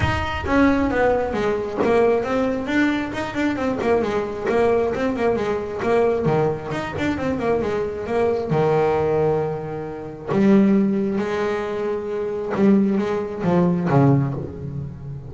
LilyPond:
\new Staff \with { instrumentName = "double bass" } { \time 4/4 \tempo 4 = 134 dis'4 cis'4 b4 gis4 | ais4 c'4 d'4 dis'8 d'8 | c'8 ais8 gis4 ais4 c'8 ais8 | gis4 ais4 dis4 dis'8 d'8 |
c'8 ais8 gis4 ais4 dis4~ | dis2. g4~ | g4 gis2. | g4 gis4 f4 cis4 | }